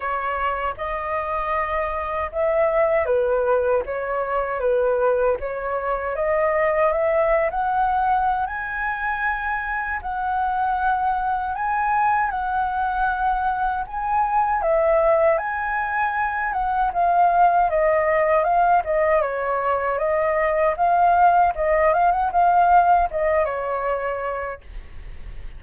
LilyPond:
\new Staff \with { instrumentName = "flute" } { \time 4/4 \tempo 4 = 78 cis''4 dis''2 e''4 | b'4 cis''4 b'4 cis''4 | dis''4 e''8. fis''4~ fis''16 gis''4~ | gis''4 fis''2 gis''4 |
fis''2 gis''4 e''4 | gis''4. fis''8 f''4 dis''4 | f''8 dis''8 cis''4 dis''4 f''4 | dis''8 f''16 fis''16 f''4 dis''8 cis''4. | }